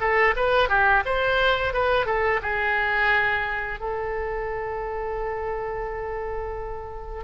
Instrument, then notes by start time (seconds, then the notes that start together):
oboe
0.00 A4
0.36 B4
0.69 G4
1.05 C5
1.73 B4
2.06 A4
2.42 G#4
3.80 A4